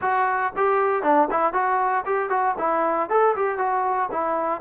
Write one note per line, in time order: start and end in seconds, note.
0.01 0.52 F#4
0.56 1.03 G4
1.03 1.28 D4
1.30 1.53 E4
1.53 2.04 F#4
2.05 2.29 G4
2.29 2.55 F#4
2.58 3.09 E4
3.09 3.35 A4
3.36 3.58 G4
3.58 4.09 F#4
4.11 4.61 E4